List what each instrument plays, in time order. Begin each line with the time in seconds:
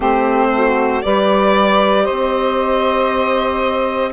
0.00 bassoon A3, clarinet C4, saxophone G4, violin C5
0.54 saxophone F#4
1.02 bassoon G3, clarinet G4, saxophone B4, violin D5
2.03 saxophone C5, violin D#5
2.10 bassoon C4